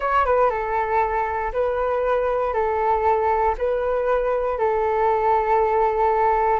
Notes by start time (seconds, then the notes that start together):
0.00 C#5
0.25 B4
0.50 A4
1.52 B4
2.53 A4
3.58 B4
4.58 A4